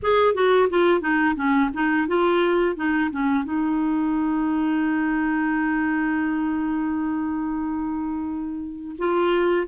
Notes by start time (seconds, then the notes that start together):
0.02 G#4
0.34 F#4
0.69 F4
1.00 D#4
1.35 C#4
1.73 D#4
2.07 F4
2.76 D#4
3.11 C#4
3.44 D#4
8.98 F4